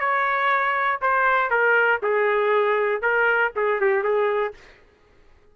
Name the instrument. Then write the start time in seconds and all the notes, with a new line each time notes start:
trumpet
0.00 C#5
1.02 C5
1.51 A#4
2.03 G#4
3.02 A#4
3.56 G#4
3.81 G4
4.04 G#4